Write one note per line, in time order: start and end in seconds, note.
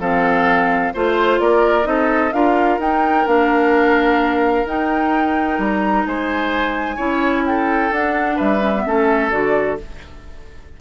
0.00 0.93 F3
0.00 0.94 C4
0.00 0.93 A4
0.00 0.94 F5
0.94 1.40 A3
0.94 1.83 F4
0.94 1.40 C5
1.40 1.86 A#3
1.40 1.88 A#4
1.40 1.87 D5
1.83 2.32 C4
1.83 2.30 D#4
1.83 2.34 A4
1.83 2.33 D#5
2.33 2.79 D4
2.33 2.80 F4
2.33 6.06 A#4
2.33 2.79 F5
2.79 3.25 D#4
2.79 3.27 D#4
2.79 3.28 G5
3.27 4.65 A#3
3.27 4.66 D4
3.27 4.67 F5
4.65 5.58 D#4
4.65 6.98 D#4
4.65 5.61 G5
5.58 6.05 G3
5.58 6.07 A#5
6.06 6.98 G#3
6.06 6.96 C5
6.06 7.46 G#5
6.96 7.91 C#4
6.96 7.91 E4
6.96 7.43 C#5
7.47 8.36 A4
7.47 7.93 G5
7.91 8.38 D4
7.91 8.60 D4
7.91 8.38 F#5
8.36 8.86 G3
8.36 8.82 B4
8.36 9.31 E5
8.60 8.72 C#4
8.75 8.86 B3
8.86 9.32 A3
8.86 9.31 C#4
8.86 9.81 A4
9.31 9.79 D3
9.31 9.78 F#4
9.31 9.78 D5